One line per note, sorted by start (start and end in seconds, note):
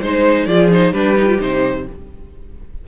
0.00 0.46 G#3
0.00 0.48 D#4
0.00 0.46 C5
0.00 0.45 C5
0.45 0.92 F3
0.45 0.71 F4
0.45 0.91 G#4
0.45 0.68 D5
0.71 0.93 D#4
0.71 0.93 C5
0.91 1.38 G3
0.91 1.16 D4
0.91 1.83 G4
0.91 1.39 B4
1.16 1.27 D#4
1.27 1.38 F4
1.38 1.86 C3
1.38 1.85 D#4
1.38 1.87 C5